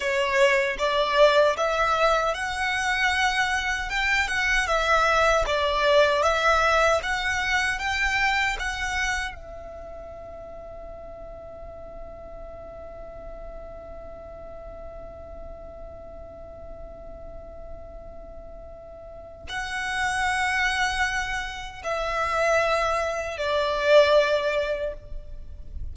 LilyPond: \new Staff \with { instrumentName = "violin" } { \time 4/4 \tempo 4 = 77 cis''4 d''4 e''4 fis''4~ | fis''4 g''8 fis''8 e''4 d''4 | e''4 fis''4 g''4 fis''4 | e''1~ |
e''1~ | e''1~ | e''4 fis''2. | e''2 d''2 | }